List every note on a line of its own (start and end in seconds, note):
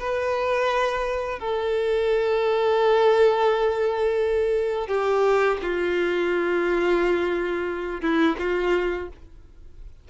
0.00 1.40 B4
1.40 4.88 A4
4.88 5.58 G4
5.62 8.02 F4
8.02 8.37 E4
8.39 9.09 F4